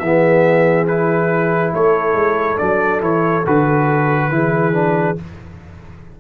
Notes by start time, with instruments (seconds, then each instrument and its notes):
0.00 tuba E3, trombone B3, horn G#4, trumpet E5
0.88 trombone E4, trumpet B4
1.74 tuba A3, horn A4, trumpet C#5
2.14 tuba G#3
2.58 tuba F#3, trombone D4, trumpet D5
3.00 tuba E3, trombone E4, trumpet C#5
3.46 tuba D3, trombone F#4, trumpet B4
4.30 tuba E3, trombone E4, horn G#4
4.73 trombone D4